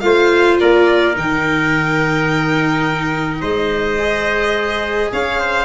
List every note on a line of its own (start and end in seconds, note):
0.00 0.59 A3
0.00 1.13 F4
0.00 0.61 C5
0.00 0.57 F5
0.59 1.16 A#3
0.59 3.40 A#4
0.59 1.16 D5
1.13 3.42 D#3
1.13 3.96 D#4
1.13 3.41 G5
3.40 5.12 G#3
3.40 5.10 C5
3.40 5.11 D#5
3.98 5.65 G#4
5.12 5.65 C#4
5.12 5.40 C#5
5.12 5.65 F5
5.40 5.65 C5